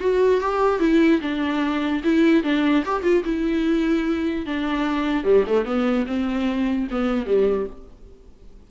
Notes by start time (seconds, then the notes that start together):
0.00 F#4
0.41 G4
0.80 E4
1.21 D4
2.04 E4
2.43 D4
2.85 G4
3.03 F4
3.25 E4
4.46 D4
5.24 G3
5.47 A3
5.65 B3
6.06 C4
6.91 B3
7.26 G3